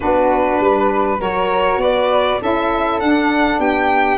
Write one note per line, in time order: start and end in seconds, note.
0.00 0.59 B3
0.00 1.18 D4
0.00 0.60 F#4
0.00 1.20 B4
0.59 1.19 G3
0.59 1.20 B4
1.19 1.77 F#3
1.19 2.39 F#4
1.19 1.80 A#4
1.19 1.81 C#5
1.77 2.37 B3
1.77 2.40 B4
1.77 2.41 D5
2.40 3.01 C#4
2.40 3.00 E4
2.40 3.59 A4
2.40 3.00 E5
3.00 3.58 D4
3.00 4.17 D4
3.00 3.60 F#5
3.58 4.17 B3
3.58 4.17 G4
3.58 4.17 G5